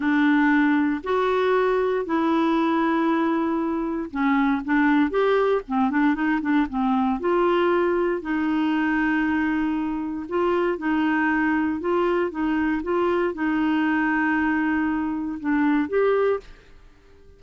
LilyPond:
\new Staff \with { instrumentName = "clarinet" } { \time 4/4 \tempo 4 = 117 d'2 fis'2 | e'1 | cis'4 d'4 g'4 c'8 d'8 | dis'8 d'8 c'4 f'2 |
dis'1 | f'4 dis'2 f'4 | dis'4 f'4 dis'2~ | dis'2 d'4 g'4 | }